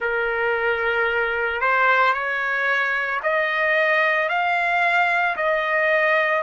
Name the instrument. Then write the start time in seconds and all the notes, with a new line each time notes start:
trumpet
0.00 A#4
1.61 C5
2.13 C#5
3.22 D#5
4.29 F5
5.36 D#5